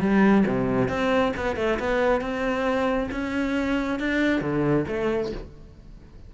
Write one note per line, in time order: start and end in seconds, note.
0.00 0.44 G3
0.47 0.88 C3
0.88 1.33 C4
1.37 1.56 B3
1.56 1.78 A3
1.79 2.21 B3
2.21 3.09 C4
3.12 4.00 C#4
4.00 4.41 D4
4.41 4.85 D3
4.88 5.32 A3